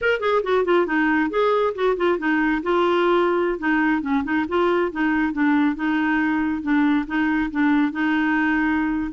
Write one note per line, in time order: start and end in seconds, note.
0.01 0.20 A#4
0.20 0.42 G#4
0.43 0.64 F#4
0.64 0.86 F4
0.86 1.29 D#4
1.30 1.73 G#4
1.74 1.96 F#4
1.96 2.18 F4
2.18 2.61 D#4
2.62 3.58 F4
3.58 4.01 D#4
4.01 4.23 C#4
4.24 4.45 D#4
4.48 4.91 F4
4.91 5.32 D#4
5.32 5.75 D4
5.75 6.62 D#4
6.62 7.05 D4
7.07 7.50 D#4
7.51 7.92 D4
7.92 9.11 D#4